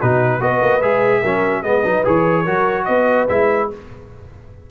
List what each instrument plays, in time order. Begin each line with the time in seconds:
0.00 tuba B2, trombone D#4, horn F#4, trumpet B4
0.40 tuba B3, trombone F#4, horn B4, trumpet D#5
0.61 tuba A#3
0.82 tuba G#3, trombone G#4, trumpet E5
1.21 tuba F#3, trombone C#4, horn A#4
1.63 tuba G#3, trombone B3, horn B4, trumpet D#5
1.84 tuba F#3, trombone D#4
2.05 tuba E3, trombone G#4, trumpet C#5
2.44 tuba F#3, trombone F#4, horn A#4
2.85 tuba B3, horn B4, trumpet D#5
3.29 tuba G#3, trombone E4, trumpet E5